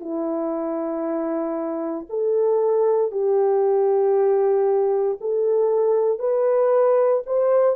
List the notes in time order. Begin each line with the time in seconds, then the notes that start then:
0.00 E4
2.09 A4
3.11 G4
5.21 A4
6.19 B4
7.26 C5